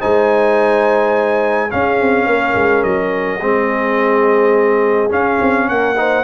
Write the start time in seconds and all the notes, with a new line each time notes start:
0.00 G#3 D#4 C5 G#5
1.70 C#4 G#4 F5
2.01 C4
2.27 A#3 A#4
2.56 G#3
2.83 F#3 D#5
3.41 G#3 C4 G#4
5.10 C#4 F5
5.41 C4
5.68 A#3 A#4 F#5
5.97 D#4 C5